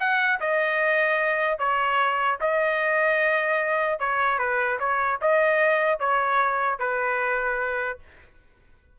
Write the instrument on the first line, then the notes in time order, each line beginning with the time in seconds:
trumpet
0.00 F#5
0.41 D#5
1.59 C#5
2.41 D#5
4.00 C#5
4.39 B4
4.80 C#5
5.22 D#5
6.00 C#5
6.79 B4